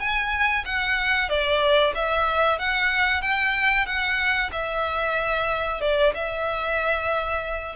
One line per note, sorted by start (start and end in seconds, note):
0.00 0.65 G#5
0.65 1.29 F#5
1.29 1.94 D5
1.95 2.59 E5
2.59 3.21 F#5
3.21 3.86 G5
3.86 4.50 F#5
4.52 5.81 E5
5.81 6.13 D5
6.14 7.75 E5